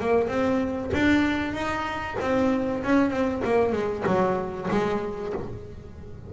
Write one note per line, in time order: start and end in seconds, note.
0.00 0.28 A#3
0.28 0.90 C4
0.93 1.53 D4
1.53 2.16 D#4
2.20 2.83 C4
2.83 3.10 C#4
3.10 3.41 C4
3.44 3.72 A#3
3.72 4.03 G#3
4.06 4.69 F#3
4.70 5.33 G#3